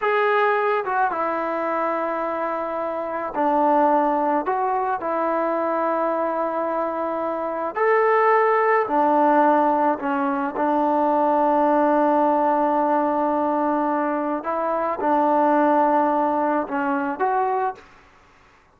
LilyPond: \new Staff \with { instrumentName = "trombone" } { \time 4/4 \tempo 4 = 108 gis'4. fis'8 e'2~ | e'2 d'2 | fis'4 e'2.~ | e'2 a'2 |
d'2 cis'4 d'4~ | d'1~ | d'2 e'4 d'4~ | d'2 cis'4 fis'4 | }